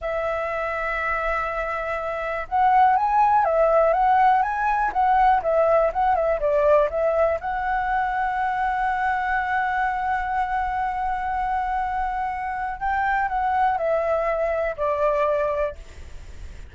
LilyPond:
\new Staff \with { instrumentName = "flute" } { \time 4/4 \tempo 4 = 122 e''1~ | e''4 fis''4 gis''4 e''4 | fis''4 gis''4 fis''4 e''4 | fis''8 e''8 d''4 e''4 fis''4~ |
fis''1~ | fis''1~ | fis''2 g''4 fis''4 | e''2 d''2 | }